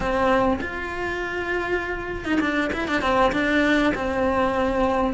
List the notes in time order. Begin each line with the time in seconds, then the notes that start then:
0.00 C4
0.60 F4
2.24 D#4
2.40 D4
2.73 E4
2.87 D4
3.01 C4
3.32 D4
3.94 C4